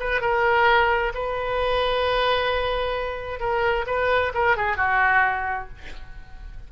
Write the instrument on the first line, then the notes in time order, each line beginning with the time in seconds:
oboe
0.00 B4
0.21 A#4
1.15 B4
3.40 A#4
3.87 B4
4.34 A#4
4.57 G#4
4.77 F#4